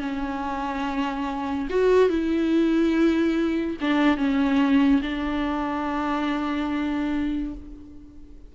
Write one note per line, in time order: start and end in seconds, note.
0.00 1.68 C#4
1.70 2.09 F#4
2.09 3.77 E4
3.81 4.17 D4
4.17 5.01 C#4
5.02 7.54 D4